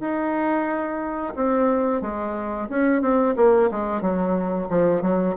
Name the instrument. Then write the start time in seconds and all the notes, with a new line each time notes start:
bassoon
0.00 D#4
1.35 C4
2.01 G#3
2.69 C#4
3.02 C4
3.36 A#3
3.71 G#3
4.01 F#3
4.69 F3
5.02 F#3